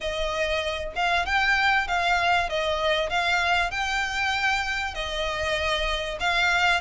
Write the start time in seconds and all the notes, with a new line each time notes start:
0.00 D#5
0.95 F5
1.25 G5
1.87 F5
2.49 D#5
3.09 F5
3.70 G5
4.94 D#5
6.20 F5